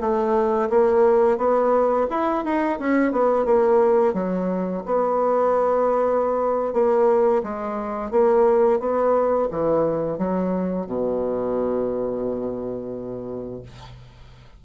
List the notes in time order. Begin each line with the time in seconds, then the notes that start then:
0.00 A3
0.70 A#3
1.37 B3
2.10 E4
2.44 D#4
2.79 C#4
3.12 B3
3.45 A#3
4.13 F#3
4.85 B3
6.73 A#3
7.43 G#3
8.10 A#3
8.79 B3
9.50 E3
10.18 F#3
10.86 B2